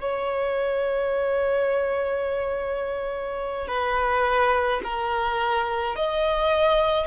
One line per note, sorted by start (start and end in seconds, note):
0.00 3.67 C#5
3.67 4.81 B4
4.83 5.95 A#4
5.95 7.07 D#5